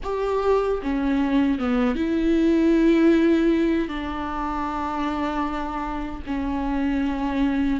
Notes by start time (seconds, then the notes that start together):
0.03 G4
0.82 C#4
1.58 B3
1.95 E4
3.88 D4
6.26 C#4